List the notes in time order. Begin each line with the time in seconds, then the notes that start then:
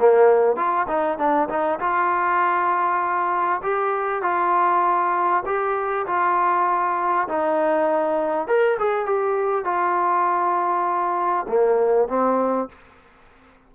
0.00 A#3
0.56 F4
0.88 D#4
1.18 D4
1.49 D#4
1.80 F4
3.63 G4
4.23 F4
5.46 G4
6.07 F4
7.28 D#4
8.48 A#4
8.79 G#4
9.06 G4
9.65 F4
11.48 A#3
12.08 C4